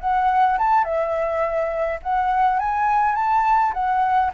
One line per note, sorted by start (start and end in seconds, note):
0.00 0.58 F#5
0.58 0.84 A5
0.84 2.00 E5
2.03 2.59 F#5
2.59 3.15 G#5
3.15 3.73 A5
3.73 4.31 F#5